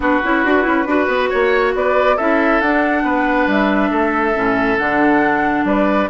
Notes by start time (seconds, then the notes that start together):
0.00 B3 D4 F#4 B4
0.23 C#4 E4
0.44 D4 F#4
0.62 C#4 E4
0.86 D4 F#4 B4
1.07 B3
1.29 A#3 C#5
1.74 B3 B4 D5
2.16 C#4 E4 A4 E5
2.61 D4 F#5
3.03 B3 B4
3.46 G3 E5
3.90 A3 A4
4.34 A2 C#4
4.78 D3 D4 F#5
5.64 G3 B4 D5